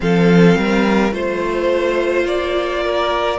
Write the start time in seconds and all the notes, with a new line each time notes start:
0.00 F3 C4 A4 F5
0.56 G3 A#4
1.11 A3 F4 C5
2.25 A#3 D5
2.83 A#4